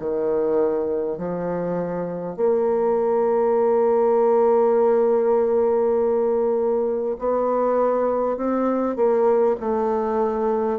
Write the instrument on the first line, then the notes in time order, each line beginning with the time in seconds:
bassoon
0.00 D#3
1.18 F3
2.37 A#3
7.19 B3
8.37 C4
8.96 A#3
9.61 A3